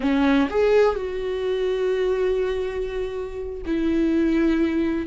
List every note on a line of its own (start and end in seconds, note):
0.00 0.48 C#4
0.50 0.95 G#4
0.95 3.62 F#4
3.66 5.06 E4